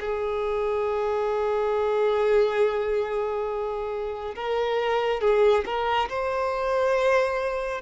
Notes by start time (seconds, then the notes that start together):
0.00 G#4
4.36 A#4
5.21 G#4
5.65 A#4
6.09 C5